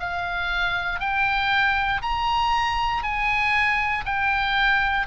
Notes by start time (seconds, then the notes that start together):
0.00 F5
1.00 G5
2.02 A#5
3.03 G#5
4.06 G5